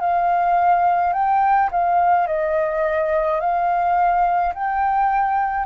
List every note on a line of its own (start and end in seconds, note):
0.00 1.13 F5
1.13 1.69 G5
1.71 2.26 F5
2.26 3.40 D#5
3.40 4.53 F5
4.54 5.65 G5